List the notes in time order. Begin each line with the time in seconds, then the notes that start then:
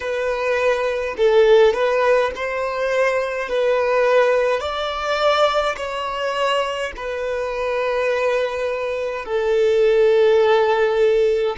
0.00 B4
1.17 A4
1.73 B4
2.35 C5
3.48 B4
4.60 D5
5.76 C#5
6.96 B4
9.25 A4